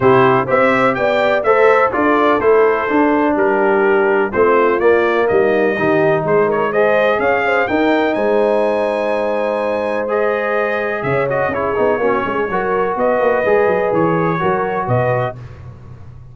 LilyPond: <<
  \new Staff \with { instrumentName = "trumpet" } { \time 4/4 \tempo 4 = 125 c''4 e''4 g''4 e''4 | d''4 c''2 ais'4~ | ais'4 c''4 d''4 dis''4~ | dis''4 c''8 cis''8 dis''4 f''4 |
g''4 gis''2.~ | gis''4 dis''2 e''8 dis''8 | cis''2. dis''4~ | dis''4 cis''2 dis''4 | }
  \new Staff \with { instrumentName = "horn" } { \time 4/4 g'4 c''4 d''4 c''4 | a'2. g'4~ | g'4 f'2 dis'4 | g'4 gis'8 ais'8 c''4 cis''8 c''8 |
ais'4 c''2.~ | c''2. cis''4 | gis'4 fis'8 gis'8 ais'4 b'4~ | b'2 ais'4 b'4 | }
  \new Staff \with { instrumentName = "trombone" } { \time 4/4 e'4 g'2 a'4 | f'4 e'4 d'2~ | d'4 c'4 ais2 | dis'2 gis'2 |
dis'1~ | dis'4 gis'2~ gis'8 fis'8 | e'8 dis'8 cis'4 fis'2 | gis'2 fis'2 | }
  \new Staff \with { instrumentName = "tuba" } { \time 4/4 c4 c'4 b4 a4 | d'4 a4 d'4 g4~ | g4 a4 ais4 g4 | dis4 gis2 cis'4 |
dis'4 gis2.~ | gis2. cis4 | cis'8 b8 ais8 gis8 fis4 b8 ais8 | gis8 fis8 e4 fis4 b,4 | }
>>